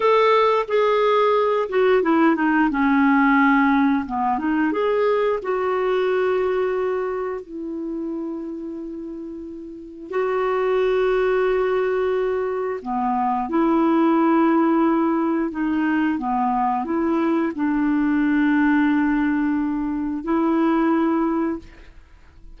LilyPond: \new Staff \with { instrumentName = "clarinet" } { \time 4/4 \tempo 4 = 89 a'4 gis'4. fis'8 e'8 dis'8 | cis'2 b8 dis'8 gis'4 | fis'2. e'4~ | e'2. fis'4~ |
fis'2. b4 | e'2. dis'4 | b4 e'4 d'2~ | d'2 e'2 | }